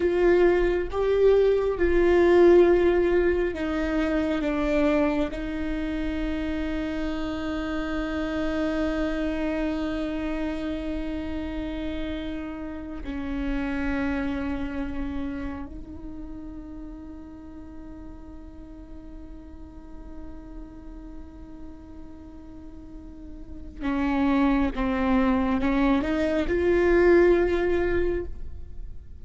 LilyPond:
\new Staff \with { instrumentName = "viola" } { \time 4/4 \tempo 4 = 68 f'4 g'4 f'2 | dis'4 d'4 dis'2~ | dis'1~ | dis'2~ dis'8. cis'4~ cis'16~ |
cis'4.~ cis'16 dis'2~ dis'16~ | dis'1~ | dis'2. cis'4 | c'4 cis'8 dis'8 f'2 | }